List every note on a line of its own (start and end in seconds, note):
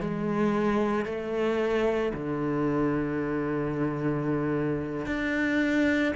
0.00 1.05 G#3
1.05 2.12 A3
2.13 5.06 D3
5.06 6.13 D4